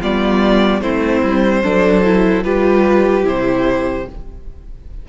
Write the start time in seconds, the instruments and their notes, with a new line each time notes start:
0.00 cello G3, viola B3, violin F4 D5
0.81 cello A3, viola C4, violin E4 C5
1.23 cello G3
1.64 cello F#3, viola D4, violin A4
2.04 viola E4
2.44 cello G3, viola F4, violin G4 B4
3.24 cello C3, viola E4, violin C5